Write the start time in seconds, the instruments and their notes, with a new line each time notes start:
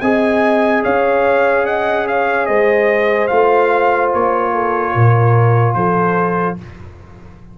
0.00 tuba C4, trombone G#4, horn D#5, trumpet G#5
0.83 tuba C#4, horn C#5, trumpet F5
1.65 horn D#5, trumpet F#5
2.07 horn C#5, trumpet F5
2.46 tuba G#3, horn C5, trumpet D#5
3.27 tuba A3, trombone F4, trumpet F5
4.13 tuba A#3, trumpet C#5
4.53 horn A4
4.95 tuba A#2, horn A#4
5.74 tuba F3, horn A4, trumpet C5